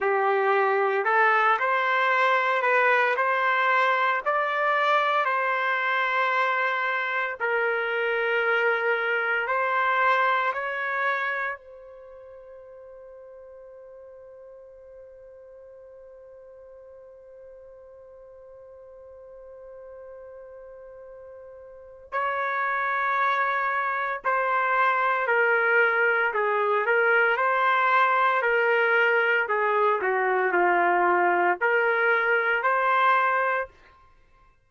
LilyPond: \new Staff \with { instrumentName = "trumpet" } { \time 4/4 \tempo 4 = 57 g'4 a'8 c''4 b'8 c''4 | d''4 c''2 ais'4~ | ais'4 c''4 cis''4 c''4~ | c''1~ |
c''1~ | c''4 cis''2 c''4 | ais'4 gis'8 ais'8 c''4 ais'4 | gis'8 fis'8 f'4 ais'4 c''4 | }